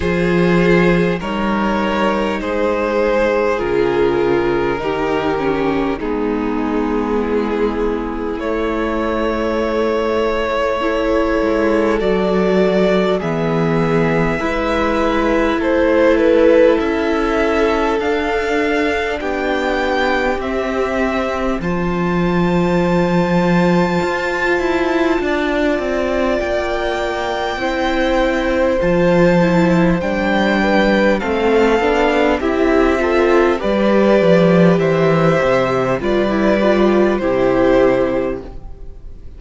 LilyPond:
<<
  \new Staff \with { instrumentName = "violin" } { \time 4/4 \tempo 4 = 50 c''4 cis''4 c''4 ais'4~ | ais'4 gis'2 cis''4~ | cis''2 d''4 e''4~ | e''4 c''8 b'8 e''4 f''4 |
g''4 e''4 a''2~ | a''2 g''2 | a''4 g''4 f''4 e''4 | d''4 e''4 d''4 c''4 | }
  \new Staff \with { instrumentName = "violin" } { \time 4/4 gis'4 ais'4 gis'2 | g'4 dis'4 e'2~ | e'4 a'2 gis'4 | b'4 a'2. |
g'2 c''2~ | c''4 d''2 c''4~ | c''4. b'8 a'4 g'8 a'8 | b'4 c''4 b'4 g'4 | }
  \new Staff \with { instrumentName = "viola" } { \time 4/4 f'4 dis'2 f'4 | dis'8 cis'8 b2 a4~ | a4 e'4 fis'4 b4 | e'2. d'4~ |
d'4 c'4 f'2~ | f'2. e'4 | f'8 e'8 d'4 c'8 d'8 e'8 f'8 | g'2 f'16 e'16 f'8 e'4 | }
  \new Staff \with { instrumentName = "cello" } { \time 4/4 f4 g4 gis4 cis4 | dis4 gis2 a4~ | a4. gis8 fis4 e4 | gis4 a4 cis'4 d'4 |
b4 c'4 f2 | f'8 e'8 d'8 c'8 ais4 c'4 | f4 g4 a8 b8 c'4 | g8 f8 e8 c8 g4 c4 | }
>>